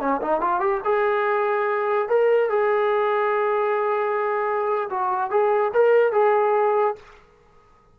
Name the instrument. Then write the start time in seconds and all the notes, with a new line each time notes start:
trombone
0.00 C#4
0.22 D#4
0.41 F4
0.60 G4
0.84 G#4
2.09 A#4
2.49 G#4
4.90 F#4
5.30 G#4
5.73 A#4
6.12 G#4